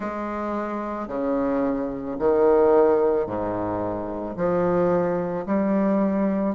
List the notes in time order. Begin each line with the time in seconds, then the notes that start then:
0.00 G#3
1.07 C#3
2.19 D#3
3.26 G#2
4.36 F3
5.45 G3